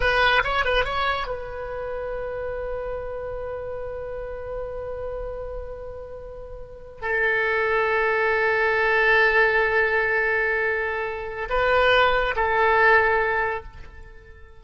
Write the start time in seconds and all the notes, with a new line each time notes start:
0.00 B4
0.44 C#5
0.64 B4
0.84 C#5
1.27 B4
7.01 A4
11.49 B4
12.36 A4